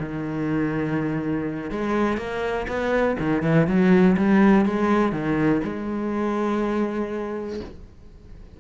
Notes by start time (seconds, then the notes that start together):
0.00 D#3
1.71 G#3
2.18 A#3
2.68 B3
3.19 D#3
3.43 E3
3.67 F#3
4.18 G3
4.66 G#3
5.13 D#3
5.64 G#3